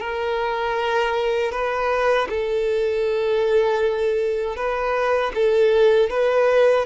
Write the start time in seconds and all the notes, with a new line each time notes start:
0.00 A#4
1.52 B4
2.30 A4
4.56 B4
5.35 A4
6.10 B4